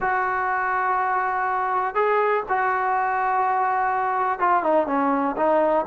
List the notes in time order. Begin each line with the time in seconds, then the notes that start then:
0.00 F#4
1.94 G#4
2.48 F#4
4.39 F4
4.63 D#4
4.86 C#4
5.37 D#4